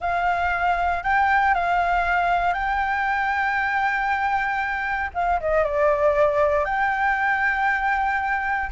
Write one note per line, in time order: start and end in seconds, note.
0.00 1.03 F5
1.03 1.54 G5
1.54 2.53 F5
2.53 5.10 G5
5.14 5.39 F5
5.40 5.64 D#5
5.64 6.65 D5
6.65 8.70 G5